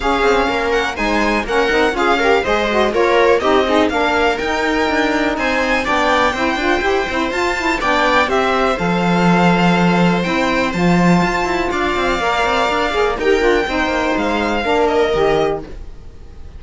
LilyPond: <<
  \new Staff \with { instrumentName = "violin" } { \time 4/4 \tempo 4 = 123 f''4. fis''8 gis''4 fis''4 | f''4 dis''4 cis''4 dis''4 | f''4 g''2 gis''4 | g''2. a''4 |
g''4 e''4 f''2~ | f''4 g''4 a''2 | f''2. g''4~ | g''4 f''4. dis''4. | }
  \new Staff \with { instrumentName = "viola" } { \time 4/4 gis'4 ais'4 c''4 ais'4 | gis'8 ais'8 c''4 ais'4 g'8 dis'8 | ais'2. c''4 | d''4 c''2. |
d''4 c''2.~ | c''1 | d''2. ais'4 | c''2 ais'2 | }
  \new Staff \with { instrumentName = "saxophone" } { \time 4/4 cis'2 dis'4 cis'8 dis'8 | f'8 g'8 gis'8 fis'8 f'4 dis'8 gis'8 | d'4 dis'2. | d'4 e'8 f'8 g'8 e'8 f'8 e'8 |
d'4 g'4 a'2~ | a'4 e'4 f'2~ | f'4 ais'4. gis'8 g'8 f'8 | dis'2 d'4 g'4 | }
  \new Staff \with { instrumentName = "cello" } { \time 4/4 cis'8 c'8 ais4 gis4 ais8 c'8 | cis'4 gis4 ais4 c'4 | ais4 dis'4 d'4 c'4 | b4 c'8 d'8 e'8 c'8 f'4 |
b4 c'4 f2~ | f4 c'4 f4 f'8 e'8 | d'8 c'8 ais8 c'8 d'8 ais8 dis'8 d'8 | c'8 ais8 gis4 ais4 dis4 | }
>>